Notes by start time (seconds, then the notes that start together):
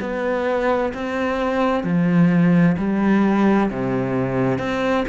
0.00 B3
0.93 C4
1.83 F3
2.77 G3
3.70 C3
4.58 C4